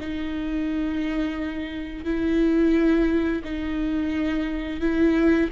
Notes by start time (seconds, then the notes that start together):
0.00 D#4
2.05 E4
3.45 D#4
4.81 E4